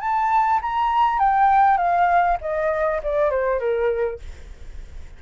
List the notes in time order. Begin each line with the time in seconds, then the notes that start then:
0.00 A5
0.62 A#5
1.19 G5
1.77 F5
2.41 D#5
3.03 D5
3.30 C5
3.59 A#4